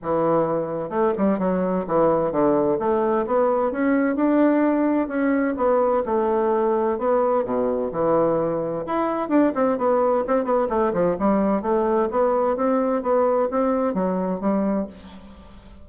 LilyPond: \new Staff \with { instrumentName = "bassoon" } { \time 4/4 \tempo 4 = 129 e2 a8 g8 fis4 | e4 d4 a4 b4 | cis'4 d'2 cis'4 | b4 a2 b4 |
b,4 e2 e'4 | d'8 c'8 b4 c'8 b8 a8 f8 | g4 a4 b4 c'4 | b4 c'4 fis4 g4 | }